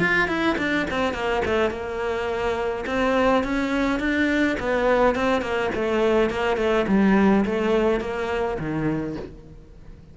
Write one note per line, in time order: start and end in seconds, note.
0.00 0.28 F4
0.28 0.57 E4
0.58 0.87 D4
0.91 1.14 C4
1.14 1.42 A#3
1.45 1.71 A3
1.71 2.85 A#3
2.87 3.44 C4
3.44 4.00 C#4
4.00 4.57 D4
4.60 5.16 B3
5.16 5.42 C4
5.42 5.70 A#3
5.75 6.30 A3
6.30 6.57 A#3
6.57 6.86 A3
6.88 7.45 G3
7.45 8.01 A3
8.01 8.58 A#3
8.59 9.17 D#3